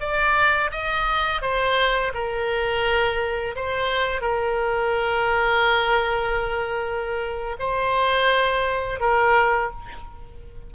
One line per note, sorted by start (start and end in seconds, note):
0.00 0.71 D5
0.71 1.42 D#5
1.42 2.12 C5
2.14 3.55 A#4
3.56 4.21 C5
4.21 7.56 A#4
7.59 9.00 C5
9.00 9.71 A#4